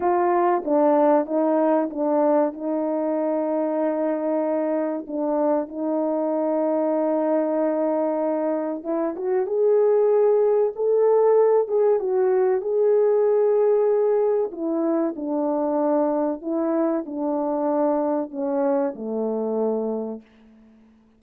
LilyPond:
\new Staff \with { instrumentName = "horn" } { \time 4/4 \tempo 4 = 95 f'4 d'4 dis'4 d'4 | dis'1 | d'4 dis'2.~ | dis'2 e'8 fis'8 gis'4~ |
gis'4 a'4. gis'8 fis'4 | gis'2. e'4 | d'2 e'4 d'4~ | d'4 cis'4 a2 | }